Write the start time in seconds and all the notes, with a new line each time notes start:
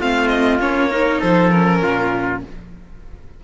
0.00 A3 C4 F4 F5
0.28 D#5
0.59 A#3 C#4 C#5
0.91 D#4 A#4
1.20 F3 A4 C5
1.50 C#4 A#4
1.82 A#2 F4